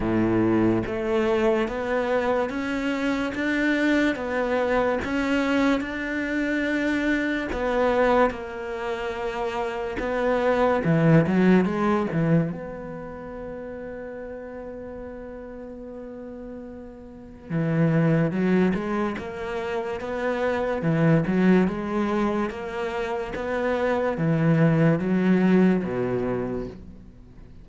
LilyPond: \new Staff \with { instrumentName = "cello" } { \time 4/4 \tempo 4 = 72 a,4 a4 b4 cis'4 | d'4 b4 cis'4 d'4~ | d'4 b4 ais2 | b4 e8 fis8 gis8 e8 b4~ |
b1~ | b4 e4 fis8 gis8 ais4 | b4 e8 fis8 gis4 ais4 | b4 e4 fis4 b,4 | }